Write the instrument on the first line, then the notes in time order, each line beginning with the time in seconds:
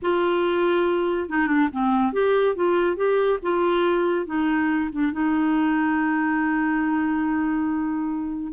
clarinet
0.02 F4
1.29 D#4
1.47 D4
1.72 C4
2.13 G4
2.55 F4
2.96 G4
3.42 F4
4.26 D#4
4.91 D4
5.12 D#4